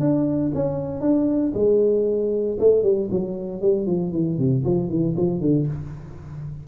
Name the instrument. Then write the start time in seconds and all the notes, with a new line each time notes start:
tuba
0.00 D4
0.55 C#4
1.01 D4
1.54 G#3
2.60 A3
2.83 G3
3.11 F#3
3.61 G3
3.86 F3
4.12 E3
4.38 C3
4.65 F3
4.89 E3
5.17 F3
5.41 D3